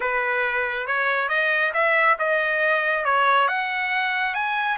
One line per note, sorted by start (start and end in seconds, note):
0.00 0.86 B4
0.86 1.28 C#5
1.28 1.72 D#5
1.73 2.17 E5
2.18 3.05 D#5
3.05 3.47 C#5
3.47 4.34 F#5
4.34 4.77 G#5